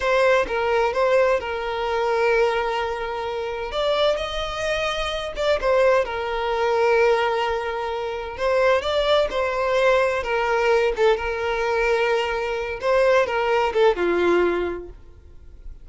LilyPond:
\new Staff \with { instrumentName = "violin" } { \time 4/4 \tempo 4 = 129 c''4 ais'4 c''4 ais'4~ | ais'1 | d''4 dis''2~ dis''8 d''8 | c''4 ais'2.~ |
ais'2 c''4 d''4 | c''2 ais'4. a'8 | ais'2.~ ais'8 c''8~ | c''8 ais'4 a'8 f'2 | }